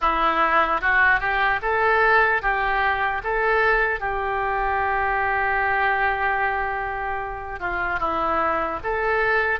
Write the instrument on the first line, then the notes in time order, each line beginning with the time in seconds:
oboe
0.01 E4
0.81 F#4
1.20 G4
1.62 A4
2.42 G4
3.23 A4
4.00 G4
7.59 F4
7.99 E4
8.83 A4